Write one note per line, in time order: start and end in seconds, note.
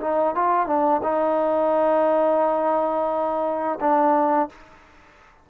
0.00 0.34 D#4
0.35 0.66 F4
0.66 1.01 D4
1.03 3.79 D#4
3.80 4.49 D4